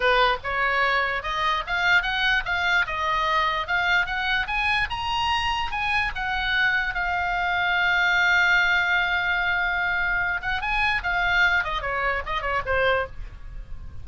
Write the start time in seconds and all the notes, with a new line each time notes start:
0.00 B4
0.43 C#5
1.22 D#5
1.67 F5
2.02 F#5
2.45 F5
2.86 D#5
3.67 F5
4.06 F#5
4.47 G#5
4.89 A#5
5.71 G#5
6.15 F#5
6.94 F5
10.41 F#5
10.61 G#5
11.03 F5
11.63 D#5
11.81 C#5
12.26 D#5
12.41 C#5
12.65 C5